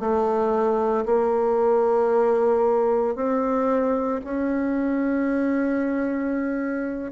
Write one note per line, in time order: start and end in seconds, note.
0.00 1.05 A3
1.06 3.16 A#3
3.16 4.21 C4
4.25 7.12 C#4